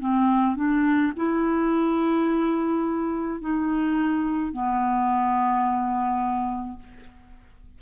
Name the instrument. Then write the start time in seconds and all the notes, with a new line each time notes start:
clarinet
0.00 C4
0.56 D4
1.16 E4
3.41 D#4
4.53 B3